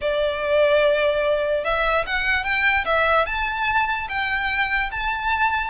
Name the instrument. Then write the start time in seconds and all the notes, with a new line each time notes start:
violin
0.01 D5
1.64 E5
2.06 F#5
2.44 G5
2.85 E5
3.25 A5
4.08 G5
4.91 A5